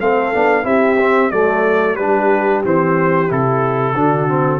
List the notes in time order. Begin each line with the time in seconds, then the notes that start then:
0.00 A3 C4 A4 F5
0.33 B3 D4
0.64 C4 E4 G4 E5
1.00 C4
1.31 F#3 A3 A4 D5
1.96 G3 D4 G4 B4
2.64 E3 C4 C5
3.28 C3 E4 A4
3.94 D3 D4 F#4
4.28 C4